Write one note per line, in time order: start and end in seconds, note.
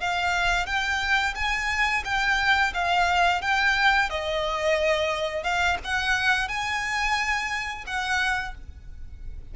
0.00 0.66 F5
0.66 1.34 G5
1.35 2.03 G#5
2.05 2.73 G5
2.73 3.41 F5
3.41 4.09 G5
4.09 5.43 D#5
5.43 5.77 F5
5.84 6.48 F#5
6.48 7.84 G#5
7.86 8.54 F#5